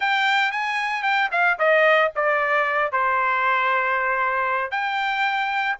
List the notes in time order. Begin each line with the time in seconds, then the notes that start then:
0.00 G5
0.51 G#5
1.03 G5
1.31 F5
1.59 D#5
2.15 D5
2.91 C5
4.71 G5